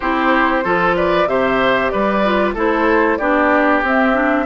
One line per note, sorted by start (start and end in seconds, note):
0.00 0.64 C4
0.00 0.64 E4
0.00 0.63 G4
0.00 0.93 C5
0.64 1.27 F3
0.64 1.27 F4
0.64 0.96 A4
0.96 1.28 B4
0.96 1.28 D5
1.27 1.90 C3
1.27 2.22 G4
1.27 1.92 C5
1.27 1.89 E5
1.89 2.55 G3
1.89 2.54 B4
1.89 2.53 D5
2.24 2.56 F4
2.54 3.18 A3
2.54 3.19 E4
2.54 3.17 A4
2.54 3.17 C5
3.17 3.82 B3
3.17 3.83 D4
3.17 4.45 G4
3.17 3.81 D5
3.82 4.45 C4
3.82 4.13 C4
3.82 4.45 E5
4.13 4.45 D4